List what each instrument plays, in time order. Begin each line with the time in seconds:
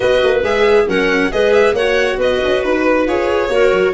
0.00 tuba B3, viola F#4, clarinet B4, violin D#5
0.24 tuba A#3
0.42 tuba G#3, viola G#4, violin E5
0.87 tuba F#3, viola C#4, clarinet A#4, violin F#5
1.31 tuba G#3, viola G#4, clarinet B4, violin D#5
1.52 violin E5
1.73 tuba A#3, viola F#4, clarinet C#5, violin F#5
2.17 tuba B3, clarinet B4, violin D#5
2.44 tuba C#4
2.63 tuba D#4, violin B4
3.07 tuba F4, viola G#4, violin C#5
3.49 tuba A#3, viola F#4, clarinet A#4
3.71 tuba F#3